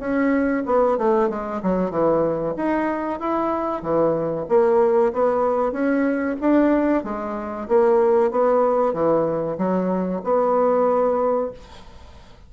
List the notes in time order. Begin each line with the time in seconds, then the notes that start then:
0.00 C#4
0.66 B3
0.98 A3
1.30 G#3
1.63 F#3
1.91 E3
2.57 D#4
3.20 E4
3.83 E3
4.49 A#3
5.14 B3
5.73 C#4
6.41 D4
7.04 G#3
7.69 A#3
8.31 B3
8.94 E3
9.58 F#3
10.24 B3